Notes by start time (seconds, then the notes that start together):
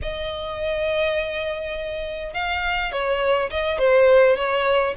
0.02 D#5
2.33 F5
2.92 C#5
3.50 D#5
3.78 C5
4.36 C#5